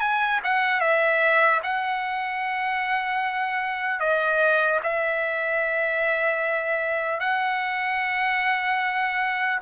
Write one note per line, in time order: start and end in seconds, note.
0.00 0.40 G#5
0.44 0.81 F#5
0.81 1.61 E5
1.63 4.00 F#5
4.00 4.80 D#5
4.84 7.20 E5
7.20 9.60 F#5